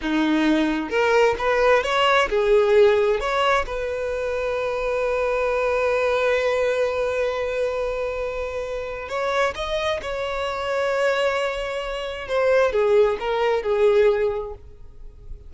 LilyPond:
\new Staff \with { instrumentName = "violin" } { \time 4/4 \tempo 4 = 132 dis'2 ais'4 b'4 | cis''4 gis'2 cis''4 | b'1~ | b'1~ |
b'1 | cis''4 dis''4 cis''2~ | cis''2. c''4 | gis'4 ais'4 gis'2 | }